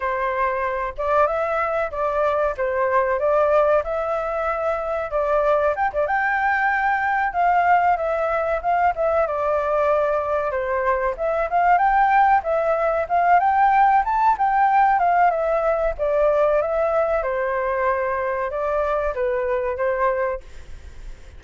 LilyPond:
\new Staff \with { instrumentName = "flute" } { \time 4/4 \tempo 4 = 94 c''4. d''8 e''4 d''4 | c''4 d''4 e''2 | d''4 g''16 d''16 g''2 f''8~ | f''8 e''4 f''8 e''8 d''4.~ |
d''8 c''4 e''8 f''8 g''4 e''8~ | e''8 f''8 g''4 a''8 g''4 f''8 | e''4 d''4 e''4 c''4~ | c''4 d''4 b'4 c''4 | }